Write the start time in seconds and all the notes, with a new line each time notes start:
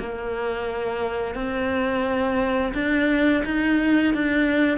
0.00 A#3
1.35 C4
2.75 D4
3.45 D#4
4.14 D4